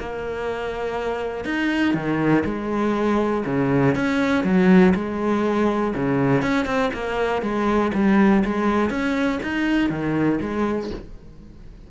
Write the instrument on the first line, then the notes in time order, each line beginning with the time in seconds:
cello
0.00 A#3
1.45 D#4
1.95 D#3
2.45 G#3
3.46 C#3
3.96 C#4
4.44 F#3
4.95 G#3
5.95 C#3
6.43 C#4
6.66 C4
6.94 A#3
7.42 G#3
7.95 G3
8.45 G#3
8.91 C#4
9.43 D#4
9.90 D#3
10.41 G#3